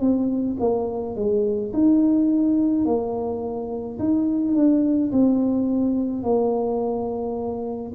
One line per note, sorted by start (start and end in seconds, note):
0.00 0.57 C4
0.60 1.16 A#3
1.16 1.72 G#3
1.73 2.85 D#4
2.85 3.98 A#3
3.99 4.55 D#4
4.55 5.11 D4
5.11 6.23 C4
6.23 7.93 A#3